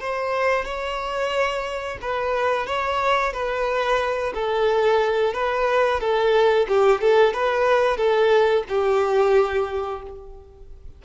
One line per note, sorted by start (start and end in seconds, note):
0.00 0.65 C5
0.65 1.98 C#5
2.02 2.66 B4
2.66 3.33 C#5
3.33 4.33 B4
4.34 5.33 A4
5.33 6.00 B4
6.00 6.67 A4
6.68 7.01 G4
7.01 7.33 A4
7.33 7.97 B4
7.97 8.63 A4
8.69 10.02 G4